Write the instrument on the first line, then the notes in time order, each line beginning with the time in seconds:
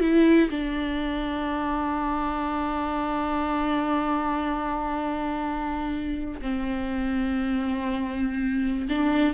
viola
0.00 E4
0.50 D4
6.41 C4
8.89 D4